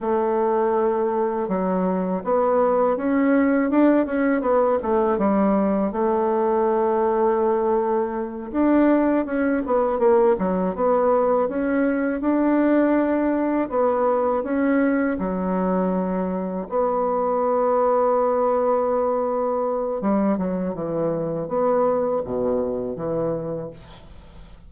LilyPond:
\new Staff \with { instrumentName = "bassoon" } { \time 4/4 \tempo 4 = 81 a2 fis4 b4 | cis'4 d'8 cis'8 b8 a8 g4 | a2.~ a8 d'8~ | d'8 cis'8 b8 ais8 fis8 b4 cis'8~ |
cis'8 d'2 b4 cis'8~ | cis'8 fis2 b4.~ | b2. g8 fis8 | e4 b4 b,4 e4 | }